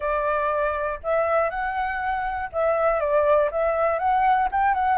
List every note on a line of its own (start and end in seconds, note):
0.00 0.99 D5
1.02 1.50 E5
1.50 2.50 F#5
2.52 3.00 E5
3.00 3.50 D5
3.51 3.98 E5
3.98 4.48 F#5
4.51 4.74 G5
4.74 4.98 F#5